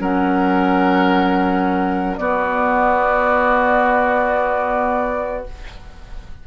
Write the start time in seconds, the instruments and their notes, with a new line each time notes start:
0.00 bassoon F#3, clarinet C#4, oboe A#4, flute F#5
2.17 clarinet B3, bassoon B3, oboe F#4, flute D5